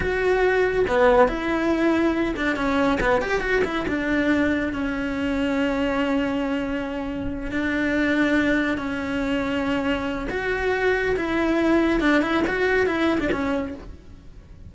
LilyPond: \new Staff \with { instrumentName = "cello" } { \time 4/4 \tempo 4 = 140 fis'2 b4 e'4~ | e'4. d'8 cis'4 b8 g'8 | fis'8 e'8 d'2 cis'4~ | cis'1~ |
cis'4. d'2~ d'8~ | d'8 cis'2.~ cis'8 | fis'2 e'2 | d'8 e'8 fis'4 e'8. d'16 cis'4 | }